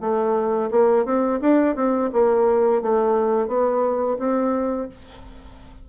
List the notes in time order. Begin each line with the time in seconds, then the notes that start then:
0.00 A3
0.71 A#3
1.05 C4
1.40 D4
1.75 C4
2.13 A#3
2.82 A3
3.48 B3
4.18 C4